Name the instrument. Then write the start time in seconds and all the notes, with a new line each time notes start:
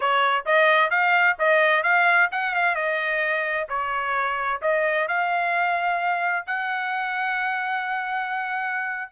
trumpet
0.00 C#5
0.45 D#5
0.90 F5
1.38 D#5
1.83 F5
2.31 F#5
2.54 F5
2.75 D#5
3.68 C#5
4.61 D#5
5.08 F5
6.46 F#5